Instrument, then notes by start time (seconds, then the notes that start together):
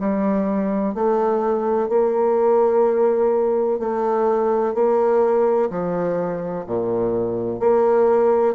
bassoon
0.00 G3
0.95 A3
1.89 A#3
3.80 A3
4.74 A#3
5.70 F3
6.67 A#2
7.60 A#3